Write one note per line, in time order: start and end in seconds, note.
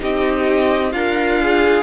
0.00 0.93 C4
0.00 0.92 D#4
0.00 0.92 G4
0.00 0.92 D#5
0.92 1.83 D4
0.92 1.83 F4
0.92 1.41 A#4
0.92 1.83 F5
1.41 1.83 G#4